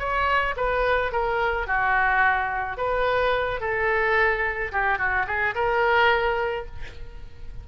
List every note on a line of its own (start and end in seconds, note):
0.00 0.56 C#5
0.57 1.13 B4
1.13 1.67 A#4
1.67 2.78 F#4
2.78 3.61 B4
3.61 4.72 A4
4.72 4.99 G4
4.99 5.27 F#4
5.27 5.55 G#4
5.56 6.67 A#4